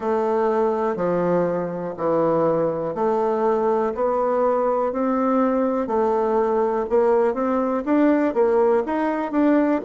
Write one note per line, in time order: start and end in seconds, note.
0.00 0.96 A3
0.96 1.94 F3
1.97 2.95 E3
2.95 3.93 A3
3.94 4.92 B3
4.92 5.87 C4
5.87 6.85 A3
6.89 7.34 A#3
7.34 7.83 C4
7.85 8.33 D4
8.33 8.83 A#3
8.86 9.31 D#4
9.31 9.80 D4